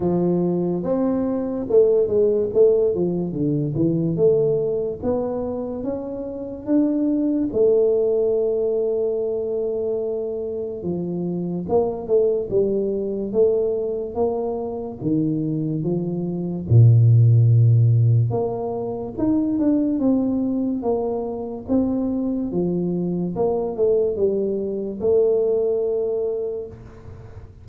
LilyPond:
\new Staff \with { instrumentName = "tuba" } { \time 4/4 \tempo 4 = 72 f4 c'4 a8 gis8 a8 f8 | d8 e8 a4 b4 cis'4 | d'4 a2.~ | a4 f4 ais8 a8 g4 |
a4 ais4 dis4 f4 | ais,2 ais4 dis'8 d'8 | c'4 ais4 c'4 f4 | ais8 a8 g4 a2 | }